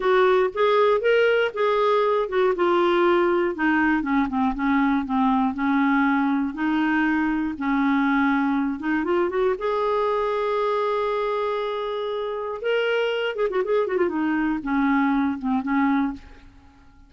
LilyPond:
\new Staff \with { instrumentName = "clarinet" } { \time 4/4 \tempo 4 = 119 fis'4 gis'4 ais'4 gis'4~ | gis'8 fis'8 f'2 dis'4 | cis'8 c'8 cis'4 c'4 cis'4~ | cis'4 dis'2 cis'4~ |
cis'4. dis'8 f'8 fis'8 gis'4~ | gis'1~ | gis'4 ais'4. gis'16 fis'16 gis'8 fis'16 f'16 | dis'4 cis'4. c'8 cis'4 | }